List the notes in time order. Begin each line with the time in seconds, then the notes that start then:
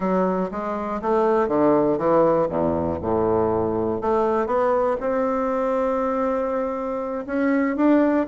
0.00 F#3
0.51 G#3
1.01 A3
1.47 D3
1.97 E3
2.49 E2
3.01 A2
4.01 A3
4.46 B3
5.00 C4
7.26 C#4
7.76 D4